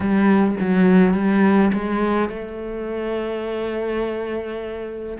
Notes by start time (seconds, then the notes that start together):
0.00 G3
0.60 F#3
1.13 G3
1.73 G#3
2.29 A3